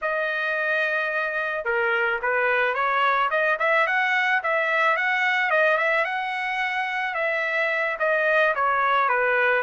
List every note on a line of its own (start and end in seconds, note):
0.02 1.64 D#5
1.64 2.19 A#4
2.22 2.74 B4
2.74 3.29 C#5
3.30 3.58 D#5
3.59 3.86 E5
3.87 4.42 F#5
4.43 4.96 E5
4.96 5.50 F#5
5.50 5.77 D#5
5.77 6.05 E5
6.05 7.14 F#5
7.14 7.97 E5
7.99 8.54 D#5
8.55 9.08 C#5
9.08 9.62 B4